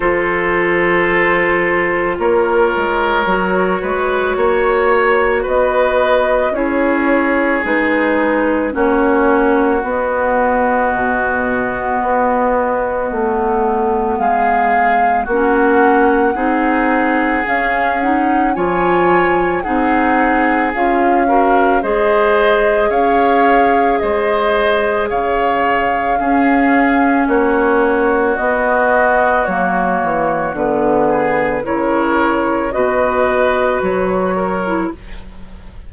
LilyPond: <<
  \new Staff \with { instrumentName = "flute" } { \time 4/4 \tempo 4 = 55 c''2 cis''2~ | cis''4 dis''4 cis''4 b'4 | cis''4 dis''2.~ | dis''4 f''4 fis''2 |
f''8 fis''8 gis''4 fis''4 f''4 | dis''4 f''4 dis''4 f''4~ | f''4 cis''4 dis''4 cis''4 | b'4 cis''4 dis''4 cis''4 | }
  \new Staff \with { instrumentName = "oboe" } { \time 4/4 a'2 ais'4. b'8 | cis''4 b'4 gis'2 | fis'1~ | fis'4 gis'4 fis'4 gis'4~ |
gis'4 cis''4 gis'4. ais'8 | c''4 cis''4 c''4 cis''4 | gis'4 fis'2.~ | fis'8 gis'8 ais'4 b'4. ais'8 | }
  \new Staff \with { instrumentName = "clarinet" } { \time 4/4 f'2. fis'4~ | fis'2 e'4 dis'4 | cis'4 b2.~ | b2 cis'4 dis'4 |
cis'8 dis'8 f'4 dis'4 f'8 fis'8 | gis'1 | cis'2 b4 ais4 | b4 e'4 fis'4.~ fis'16 e'16 | }
  \new Staff \with { instrumentName = "bassoon" } { \time 4/4 f2 ais8 gis8 fis8 gis8 | ais4 b4 cis'4 gis4 | ais4 b4 b,4 b4 | a4 gis4 ais4 c'4 |
cis'4 f4 c'4 cis'4 | gis4 cis'4 gis4 cis4 | cis'4 ais4 b4 fis8 e8 | d4 cis4 b,4 fis4 | }
>>